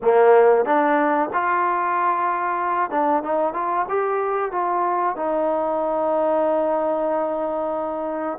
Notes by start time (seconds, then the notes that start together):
0.02 A#3
0.65 D4
1.33 F4
2.90 D4
3.22 D#4
3.53 F4
3.88 G4
4.51 F4
5.16 D#4